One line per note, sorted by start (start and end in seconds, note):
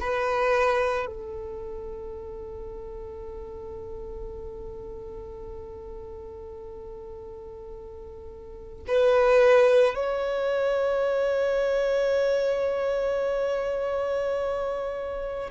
0.00 1.07 B4
1.07 8.84 A4
8.87 9.95 B4
9.95 15.51 C#5